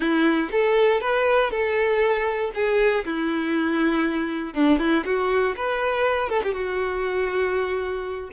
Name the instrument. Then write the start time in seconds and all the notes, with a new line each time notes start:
violin
0.00 E4
0.51 A4
1.00 B4
1.51 A4
2.54 G#4
3.05 E4
4.54 D4
4.79 E4
5.05 F#4
5.56 B4
6.29 A4
6.43 G4
6.53 F#4